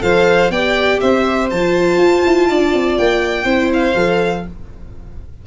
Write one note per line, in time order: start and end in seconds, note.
0.00 0.50 F3
0.00 0.49 A4
0.00 0.52 C5
0.00 0.51 F5
0.50 1.00 B3
0.50 1.51 G4
0.50 1.01 D5
0.50 1.00 G5
1.01 1.51 C4
1.01 2.49 C5
1.01 1.50 E5
1.51 1.97 F3
1.51 3.45 F4
1.51 2.98 A5
1.97 2.22 F4
2.26 2.50 E4
2.50 2.74 D4
2.50 3.45 D5
2.74 2.99 C4
2.98 3.45 A#3
2.98 3.72 G5
3.45 3.94 C4
3.45 3.94 E4
3.45 4.43 C5
3.73 4.47 F5
3.95 4.45 F3
3.95 4.46 A4